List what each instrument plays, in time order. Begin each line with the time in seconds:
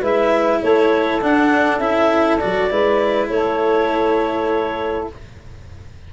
0.00 tuba G#3, cello E4, saxophone B4, clarinet E5
0.62 tuba A3, saxophone A4, clarinet C#5
1.21 cello D4, tuba D4, clarinet F#5
1.78 tuba C#4, cello E4, clarinet E5
2.38 cello F#4, clarinet D5
2.45 tuba F#3
2.70 tuba G#3, cello E4, saxophone B4
3.29 tuba A3, saxophone A4, clarinet C#5